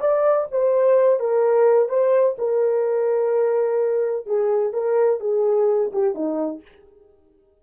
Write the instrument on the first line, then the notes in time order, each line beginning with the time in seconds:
horn
0.00 D5
0.51 C5
1.19 A#4
1.89 C5
2.38 A#4
4.26 G#4
4.73 A#4
5.20 G#4
5.92 G4
6.14 D#4